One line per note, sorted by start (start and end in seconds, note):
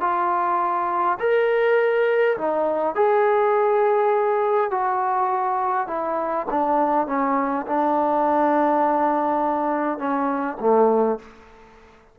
0.00 1.18 F4
1.19 2.37 A#4
2.37 2.95 D#4
2.95 4.71 G#4
4.71 5.87 F#4
5.87 6.46 E4
6.50 7.07 D4
7.07 7.66 C#4
7.67 9.98 D4
9.98 10.57 C#4
10.60 11.19 A3